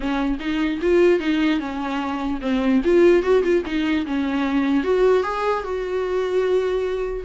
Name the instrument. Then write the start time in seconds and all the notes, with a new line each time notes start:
viola
0.00 C#4
0.39 D#4
0.81 F4
1.19 D#4
1.59 C#4
2.41 C4
2.84 F4
3.22 F#4
3.43 F4
3.65 D#4
4.06 C#4
4.83 F#4
5.23 G#4
5.63 F#4